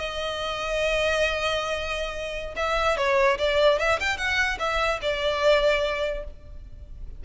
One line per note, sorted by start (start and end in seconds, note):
0.00 2.55 D#5
2.57 2.97 E5
2.97 3.38 C#5
3.39 3.79 D5
3.79 4.00 E5
4.00 4.18 G5
4.18 4.59 F#5
4.60 5.00 E5
5.02 6.25 D5